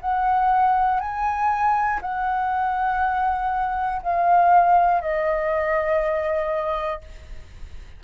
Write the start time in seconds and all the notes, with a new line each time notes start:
0.00 F#5
1.00 G#5
2.01 F#5
4.02 F5
5.01 D#5